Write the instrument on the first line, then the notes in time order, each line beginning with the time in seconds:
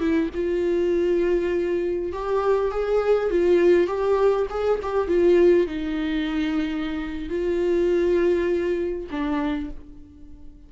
viola
0.00 E4
0.34 F4
2.13 G4
2.71 G#4
3.31 F4
3.87 G4
4.50 G#4
4.83 G4
5.08 F4
5.67 D#4
7.29 F4
9.11 D4